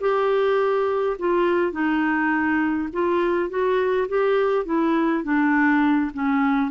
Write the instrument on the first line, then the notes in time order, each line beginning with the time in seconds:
clarinet
0.00 G4
1.18 F4
1.72 D#4
2.93 F4
3.49 F#4
4.08 G4
4.65 E4
5.23 D4
6.13 C#4